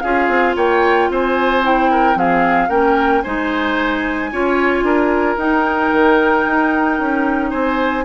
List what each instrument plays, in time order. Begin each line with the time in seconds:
0.00 bassoon C#4, clarinet F4, oboe G#4, flute F5
0.28 bassoon C4
0.56 bassoon A#3, oboe C#5, flute G5
1.09 bassoon C4, oboe C5, flute G#5
1.63 clarinet E4, flute G5
1.91 oboe A#4
2.14 bassoon F3, clarinet C4, oboe G#4, flute F5
2.68 bassoon A#3, clarinet C#4, oboe A#4, flute G5
3.22 bassoon G#3, clarinet D#4, oboe C5, flute G#5
4.32 bassoon C#4, clarinet F4, oboe C#5
4.82 bassoon D4, oboe A#4
5.37 bassoon D#4, clarinet D#4, flute G5
5.92 bassoon D#3
6.46 bassoon D#4
6.99 bassoon C#4
7.50 bassoon C4, oboe C5, flute G#5